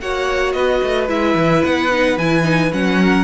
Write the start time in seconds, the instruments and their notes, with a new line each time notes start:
0.00 cello A#3, viola F#4, violin C#5 F#5
0.52 cello B3, violin B4 D#5
0.83 cello A3
1.08 cello G#3, viola E4, violin E5
1.35 cello E3
1.64 cello B3, violin F#5
1.91 viola D#4
2.17 cello E3, viola E4, violin G#5
2.43 viola D#4
2.72 cello F#3, viola C#4, violin F#5
3.00 violin A#4